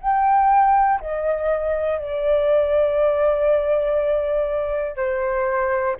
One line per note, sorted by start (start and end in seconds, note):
0.00 1.00 G5
1.00 1.98 D#5
1.98 4.96 D5
4.96 5.96 C5